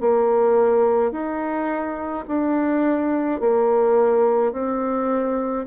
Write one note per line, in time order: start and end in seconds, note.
0.00 1.11 A#3
1.11 2.24 D#4
2.27 3.40 D4
3.40 4.52 A#3
4.52 5.65 C4